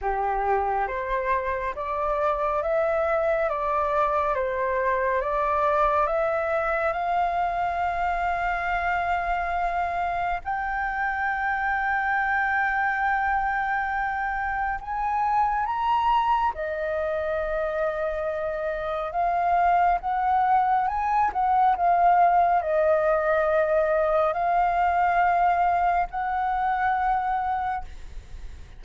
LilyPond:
\new Staff \with { instrumentName = "flute" } { \time 4/4 \tempo 4 = 69 g'4 c''4 d''4 e''4 | d''4 c''4 d''4 e''4 | f''1 | g''1~ |
g''4 gis''4 ais''4 dis''4~ | dis''2 f''4 fis''4 | gis''8 fis''8 f''4 dis''2 | f''2 fis''2 | }